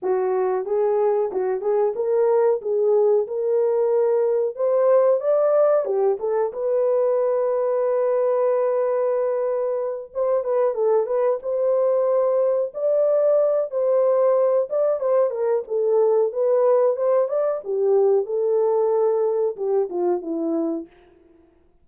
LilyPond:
\new Staff \with { instrumentName = "horn" } { \time 4/4 \tempo 4 = 92 fis'4 gis'4 fis'8 gis'8 ais'4 | gis'4 ais'2 c''4 | d''4 g'8 a'8 b'2~ | b'2.~ b'8 c''8 |
b'8 a'8 b'8 c''2 d''8~ | d''4 c''4. d''8 c''8 ais'8 | a'4 b'4 c''8 d''8 g'4 | a'2 g'8 f'8 e'4 | }